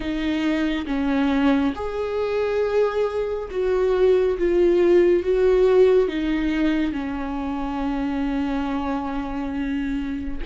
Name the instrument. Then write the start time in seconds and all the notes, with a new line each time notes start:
viola
0.00 D#4
0.86 C#4
1.75 G#4
3.50 F#4
4.38 F4
5.23 F#4
6.08 D#4
6.92 C#4